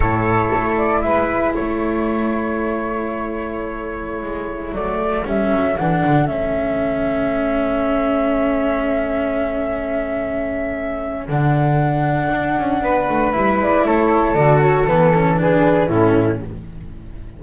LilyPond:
<<
  \new Staff \with { instrumentName = "flute" } { \time 4/4 \tempo 4 = 117 cis''4. d''8 e''4 cis''4~ | cis''1~ | cis''4~ cis''16 d''4 e''4 fis''8.~ | fis''16 e''2.~ e''8.~ |
e''1~ | e''2 fis''2~ | fis''2 e''8 d''8 cis''4 | d''8 cis''8 b'8 a'8 b'4 a'4 | }
  \new Staff \with { instrumentName = "flute" } { \time 4/4 a'2 b'4 a'4~ | a'1~ | a'1~ | a'1~ |
a'1~ | a'1~ | a'4 b'2 a'4~ | a'2 gis'4 e'4 | }
  \new Staff \with { instrumentName = "cello" } { \time 4/4 e'1~ | e'1~ | e'4~ e'16 a4 cis'4 d'8.~ | d'16 cis'2.~ cis'8.~ |
cis'1~ | cis'2 d'2~ | d'2 e'2 | fis'4 b8 cis'8 d'4 cis'4 | }
  \new Staff \with { instrumentName = "double bass" } { \time 4/4 a,4 a4 gis4 a4~ | a1~ | a16 gis4 fis4 g8 fis8 e8 d16~ | d16 a2.~ a8.~ |
a1~ | a2 d2 | d'8 cis'8 b8 a8 g8 gis8 a4 | d4 e2 a,4 | }
>>